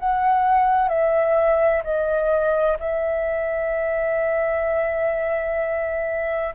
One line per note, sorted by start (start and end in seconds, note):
0.00 0.89 F#5
0.89 1.83 E5
1.84 2.78 D#5
2.80 6.55 E5